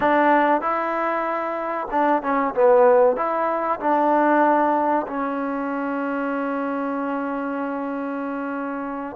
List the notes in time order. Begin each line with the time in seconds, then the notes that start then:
0.00 D4
0.61 E4
1.91 D4
2.22 C#4
2.54 B3
3.16 E4
3.80 D4
5.07 C#4